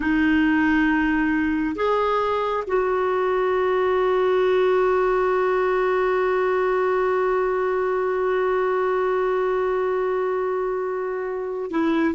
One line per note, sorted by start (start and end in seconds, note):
0.00 1.75 D#4
1.75 2.64 G#4
2.67 11.70 F#4
11.70 12.14 E4